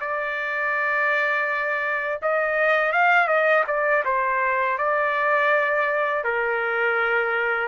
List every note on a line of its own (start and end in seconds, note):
0.00 2.20 D5
2.22 2.92 D#5
2.92 3.27 F5
3.27 3.64 D#5
3.67 4.03 D5
4.04 4.78 C5
4.78 6.24 D5
6.24 7.68 A#4